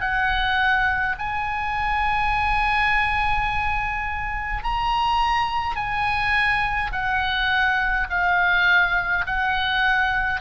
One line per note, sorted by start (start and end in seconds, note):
0.00 1.15 F#5
1.18 4.63 G#5
4.63 5.75 A#5
5.75 6.91 G#5
6.92 8.07 F#5
8.10 9.25 F5
9.26 10.41 F#5